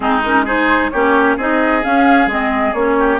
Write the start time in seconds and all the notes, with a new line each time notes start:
0.00 G#3 C4 D#4 G#4
0.23 C#4 A#4
0.45 D#4 G#4 C5
0.90 A#3 C#4 G4 C#5
1.37 C4 D#4 G#4 D#5
1.82 C#4 F5
2.26 G#3 C4 D#5
2.73 A#3 C#4 C#5
2.98 G4